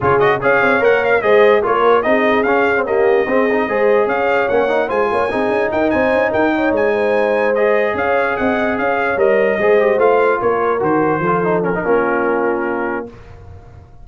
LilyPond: <<
  \new Staff \with { instrumentName = "trumpet" } { \time 4/4 \tempo 4 = 147 cis''8 dis''8 f''4 fis''8 f''8 dis''4 | cis''4 dis''4 f''4 dis''4~ | dis''2 f''4 fis''4 | gis''2 g''8 gis''4 g''8~ |
g''8 gis''2 dis''4 f''8~ | f''8 fis''4 f''4 dis''4.~ | dis''8 f''4 cis''4 c''4.~ | c''8 ais'2.~ ais'8 | }
  \new Staff \with { instrumentName = "horn" } { \time 4/4 gis'4 cis''2 c''4 | ais'4 gis'2 g'4 | gis'4 c''4 cis''2 | c''8 cis''8 gis'4 ais'8 c''4 ais'8 |
cis''4 c''2~ c''8 cis''8~ | cis''8 dis''4 cis''2 c''8~ | c''4. ais'2 a'8~ | a'4 f'2. | }
  \new Staff \with { instrumentName = "trombone" } { \time 4/4 f'8 fis'8 gis'4 ais'4 gis'4 | f'4 dis'4 cis'8. c'16 ais4 | c'8 dis'8 gis'2 cis'8 dis'8 | f'4 dis'2.~ |
dis'2~ dis'8 gis'4.~ | gis'2~ gis'8 ais'4 gis'8 | g'8 f'2 fis'4 f'8 | dis'8 cis'16 dis'16 cis'2. | }
  \new Staff \with { instrumentName = "tuba" } { \time 4/4 cis4 cis'8 c'8 ais4 gis4 | ais4 c'4 cis'2 | c'4 gis4 cis'4 ais4 | gis8 ais8 c'8 cis'8 dis'8 c'8 cis'8 dis'8~ |
dis'8 gis2. cis'8~ | cis'8 c'4 cis'4 g4 gis8~ | gis8 a4 ais4 dis4 f8~ | f4 ais2. | }
>>